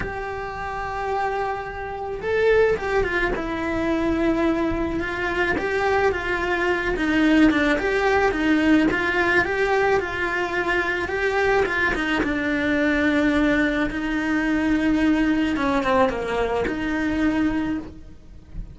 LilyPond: \new Staff \with { instrumentName = "cello" } { \time 4/4 \tempo 4 = 108 g'1 | a'4 g'8 f'8 e'2~ | e'4 f'4 g'4 f'4~ | f'8 dis'4 d'8 g'4 dis'4 |
f'4 g'4 f'2 | g'4 f'8 dis'8 d'2~ | d'4 dis'2. | cis'8 c'8 ais4 dis'2 | }